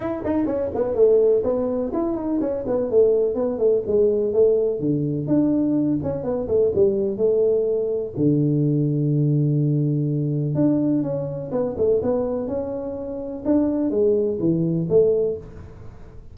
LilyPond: \new Staff \with { instrumentName = "tuba" } { \time 4/4 \tempo 4 = 125 e'8 dis'8 cis'8 b8 a4 b4 | e'8 dis'8 cis'8 b8 a4 b8 a8 | gis4 a4 d4 d'4~ | d'8 cis'8 b8 a8 g4 a4~ |
a4 d2.~ | d2 d'4 cis'4 | b8 a8 b4 cis'2 | d'4 gis4 e4 a4 | }